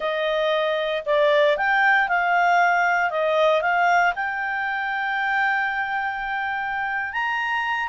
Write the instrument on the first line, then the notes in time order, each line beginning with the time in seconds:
clarinet
0.00 D#5
1.05 D5
1.57 G5
2.08 F5
3.10 D#5
3.61 F5
4.15 G5
7.12 A#5